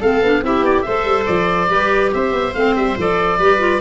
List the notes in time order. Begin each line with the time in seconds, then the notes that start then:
0.00 A3 C4 A4 F5
0.21 B3 D4
0.42 C4 E4 G4 E5
0.61 B3 D5
0.81 A3 A4 C5 E5
1.04 G3
1.26 F3 D5
1.68 G3 G4 B4
2.13 C4 C5 E5
2.31 B3
2.54 A3 C4 F5
2.75 G3 E5
2.97 F3 A4 D5
3.38 G3 G4 B4
3.58 F4